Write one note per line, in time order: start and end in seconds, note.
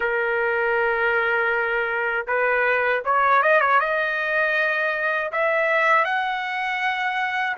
0.00 2.26 A#4
2.27 3.03 B4
3.04 3.42 C#5
3.42 3.60 D#5
3.60 3.79 C#5
3.79 5.31 D#5
5.32 6.04 E5
6.04 7.56 F#5